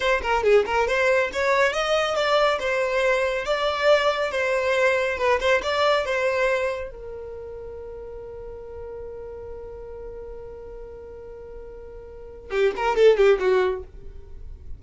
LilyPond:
\new Staff \with { instrumentName = "violin" } { \time 4/4 \tempo 4 = 139 c''8 ais'8 gis'8 ais'8 c''4 cis''4 | dis''4 d''4 c''2 | d''2 c''2 | b'8 c''8 d''4 c''2 |
ais'1~ | ais'1~ | ais'1~ | ais'4 g'8 ais'8 a'8 g'8 fis'4 | }